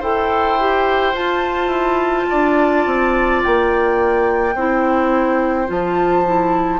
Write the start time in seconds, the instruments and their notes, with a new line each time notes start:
0.00 bassoon E4, clarinet A4, oboe C5, flute G5
0.60 clarinet G4
1.13 clarinet F4, bassoon F4, flute A5
1.68 bassoon E4
2.30 bassoon D4, oboe D5
2.86 bassoon C4
3.43 bassoon A#3, flute G5
4.55 bassoon C4, clarinet E4, oboe C5
5.67 bassoon F3, clarinet F4, flute A5
6.25 clarinet E4